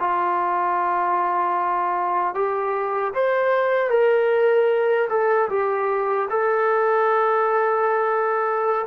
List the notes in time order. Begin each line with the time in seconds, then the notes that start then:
0.00 F4
2.35 G4
3.14 C5
3.90 A#4
5.10 A4
5.50 G4
6.30 A4